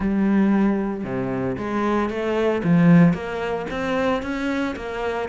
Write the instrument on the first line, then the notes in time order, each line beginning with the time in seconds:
cello
0.00 G3
1.04 C3
1.57 G#3
2.09 A3
2.63 F3
3.13 A#3
3.70 C4
4.22 C#4
4.76 A#3